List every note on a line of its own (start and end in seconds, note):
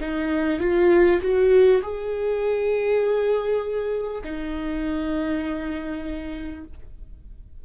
0.00 0.59 D#4
0.59 1.19 F4
1.22 1.82 F#4
1.82 4.22 G#4
4.24 6.64 D#4